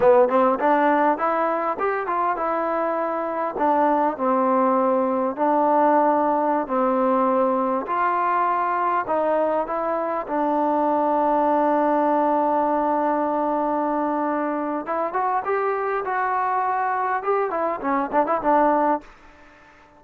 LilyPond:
\new Staff \with { instrumentName = "trombone" } { \time 4/4 \tempo 4 = 101 b8 c'8 d'4 e'4 g'8 f'8 | e'2 d'4 c'4~ | c'4 d'2~ d'16 c'8.~ | c'4~ c'16 f'2 dis'8.~ |
dis'16 e'4 d'2~ d'8.~ | d'1~ | d'4 e'8 fis'8 g'4 fis'4~ | fis'4 g'8 e'8 cis'8 d'16 e'16 d'4 | }